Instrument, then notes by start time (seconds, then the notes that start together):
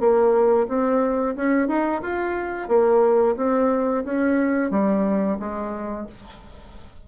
bassoon
0.00 A#3
0.68 C4
1.36 C#4
1.68 D#4
2.02 F4
2.68 A#3
3.37 C4
4.05 C#4
4.71 G3
5.40 G#3